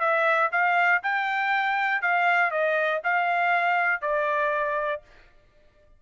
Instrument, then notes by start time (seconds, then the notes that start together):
trumpet
0.00 E5
0.52 F5
1.03 G5
2.02 F5
2.51 D#5
3.04 F5
4.02 D5